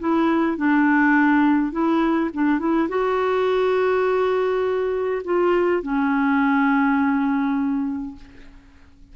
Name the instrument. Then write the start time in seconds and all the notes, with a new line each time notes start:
clarinet
0.00 E4
0.58 D4
1.72 E4
2.34 D4
2.60 E4
2.89 F#4
5.25 F4
5.83 C#4